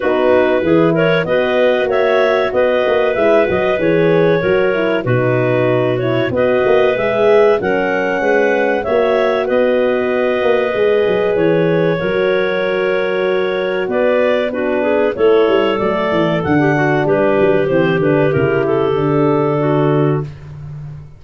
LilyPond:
<<
  \new Staff \with { instrumentName = "clarinet" } { \time 4/4 \tempo 4 = 95 b'4. cis''8 dis''4 e''4 | dis''4 e''8 dis''8 cis''2 | b'4. cis''8 dis''4 e''4 | fis''2 e''4 dis''4~ |
dis''2 cis''2~ | cis''2 d''4 b'4 | cis''4 d''4 fis''4 b'4 | c''8 b'8 ais'8 a'2~ a'8 | }
  \new Staff \with { instrumentName = "clarinet" } { \time 4/4 fis'4 gis'8 ais'8 b'4 cis''4 | b'2. ais'4 | fis'2 b'2 | ais'4 b'4 cis''4 b'4~ |
b'2. ais'4~ | ais'2 b'4 fis'8 gis'8 | a'2~ a'16 g'16 fis'8 g'4~ | g'2. fis'4 | }
  \new Staff \with { instrumentName = "horn" } { \time 4/4 dis'4 e'4 fis'2~ | fis'4 e'8 fis'8 gis'4 fis'8 e'8 | dis'4. e'8 fis'4 gis'4 | cis'2 fis'2~ |
fis'4 gis'2 fis'4~ | fis'2. d'4 | e'4 a4 d'2 | c'8 d'8 e'4 d'2 | }
  \new Staff \with { instrumentName = "tuba" } { \time 4/4 b4 e4 b4 ais4 | b8 ais8 gis8 fis8 e4 fis4 | b,2 b8 ais8 gis4 | fis4 gis4 ais4 b4~ |
b8 ais8 gis8 fis8 e4 fis4~ | fis2 b2 | a8 g8 fis8 e8 d4 g8 fis8 | e8 d8 cis4 d2 | }
>>